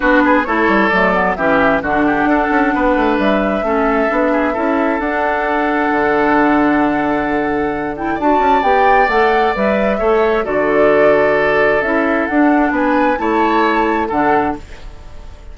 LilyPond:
<<
  \new Staff \with { instrumentName = "flute" } { \time 4/4 \tempo 4 = 132 b'4 cis''4 d''4 e''4 | fis''2. e''4~ | e''2. fis''4~ | fis''1~ |
fis''4. g''8 a''4 g''4 | fis''4 e''2 d''4~ | d''2 e''4 fis''4 | gis''4 a''2 fis''4 | }
  \new Staff \with { instrumentName = "oboe" } { \time 4/4 fis'8 gis'8 a'2 g'4 | fis'8 g'8 a'4 b'2 | a'4. gis'8 a'2~ | a'1~ |
a'2 d''2~ | d''2 cis''4 a'4~ | a'1 | b'4 cis''2 a'4 | }
  \new Staff \with { instrumentName = "clarinet" } { \time 4/4 d'4 e'4 a8 b8 cis'4 | d'1 | cis'4 d'4 e'4 d'4~ | d'1~ |
d'4. e'8 fis'4 g'4 | a'4 b'4 a'4 fis'4~ | fis'2 e'4 d'4~ | d'4 e'2 d'4 | }
  \new Staff \with { instrumentName = "bassoon" } { \time 4/4 b4 a8 g8 fis4 e4 | d4 d'8 cis'8 b8 a8 g4 | a4 b4 cis'4 d'4~ | d'4 d2.~ |
d2 d'8 cis'8 b4 | a4 g4 a4 d4~ | d2 cis'4 d'4 | b4 a2 d4 | }
>>